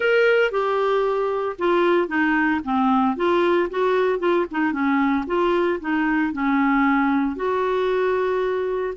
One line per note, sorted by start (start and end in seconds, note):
0.00 0.51 A#4
0.51 1.56 G4
1.58 2.08 F4
2.08 2.61 D#4
2.63 3.16 C4
3.16 3.69 F4
3.70 4.19 F#4
4.19 4.45 F4
4.51 4.72 D#4
4.72 5.25 C#4
5.26 5.79 F4
5.80 6.33 D#4
6.33 7.36 C#4
7.36 8.94 F#4